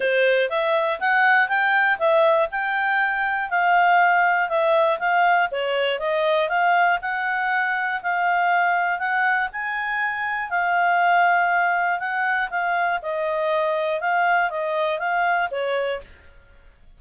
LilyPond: \new Staff \with { instrumentName = "clarinet" } { \time 4/4 \tempo 4 = 120 c''4 e''4 fis''4 g''4 | e''4 g''2 f''4~ | f''4 e''4 f''4 cis''4 | dis''4 f''4 fis''2 |
f''2 fis''4 gis''4~ | gis''4 f''2. | fis''4 f''4 dis''2 | f''4 dis''4 f''4 cis''4 | }